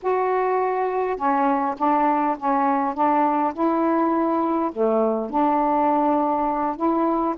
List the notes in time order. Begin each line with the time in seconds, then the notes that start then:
0.02 F#4
1.16 C#4
1.78 D4
2.38 C#4
2.94 D4
3.53 E4
4.72 A3
5.30 D4
6.76 E4